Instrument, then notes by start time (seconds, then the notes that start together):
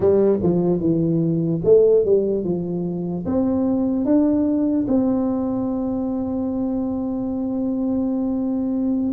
tuba
0.00 G3
0.43 F3
0.80 E3
1.64 A3
2.04 G3
2.44 F3
3.25 C4
4.05 D4
4.87 C4